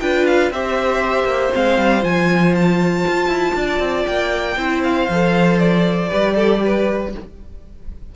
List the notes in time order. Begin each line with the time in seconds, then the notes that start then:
0.00 D4 F4 B4 G5
0.26 F5
0.51 C4 G4 C5 E5
1.24 A#3
1.53 G#3 C4 F5
1.78 G3
2.01 F3 F4 G#5
2.55 A5
3.08 F4
3.28 E4
3.55 D4 D5
3.79 C4
4.06 A#3 G5
4.57 C4 E4 C5
4.83 F5
5.09 F3 A4
5.59 D5
6.09 G3 G4 B4
6.35 A4
6.65 B4